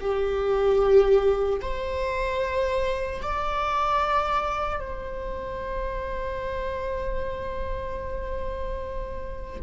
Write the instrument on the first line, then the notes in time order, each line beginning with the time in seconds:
viola
0.00 G4
1.61 C5
3.22 D5
4.80 C5